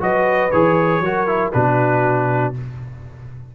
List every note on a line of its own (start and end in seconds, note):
0.00 0.51 F#3
0.00 0.50 F#4
0.00 1.03 B4
0.00 0.51 D#5
0.51 1.00 E3
0.51 1.04 G#4
0.51 1.52 C#5
1.00 1.51 F#3
1.00 1.27 F#4
1.00 1.54 A#4
1.27 1.53 E4
1.53 2.55 B2
1.53 2.54 D4
1.53 2.54 F#4
1.53 2.53 B4